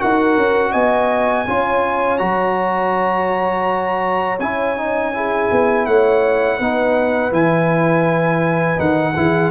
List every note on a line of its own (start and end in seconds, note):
0.00 0.37 D#4
0.00 1.46 F#4
0.00 0.72 A#4
0.00 0.73 F#5
0.37 0.74 C#4
0.72 1.47 B3
0.72 1.45 D#5
0.72 2.18 G#5
1.48 2.21 C#4
1.48 2.19 F4
1.48 5.14 C#5
2.18 4.40 F#3
2.18 4.38 F#4
2.18 4.38 A#5
4.40 5.50 C#4
4.40 4.77 E4
4.40 5.86 G#5
4.77 5.14 D#4
5.14 6.60 E4
5.14 5.87 G#4
5.52 5.87 B3
5.86 6.60 A3
5.86 6.57 C#5
5.86 7.32 F#5
6.57 7.32 B3
6.57 7.32 D#4
6.57 9.13 B4
7.32 8.79 E3
7.32 8.77 E4
7.32 8.80 G#5
8.77 9.16 D#3
8.77 9.14 D#4
8.77 9.51 F#5
9.16 9.51 E3
9.16 9.51 E4
9.16 9.51 G#4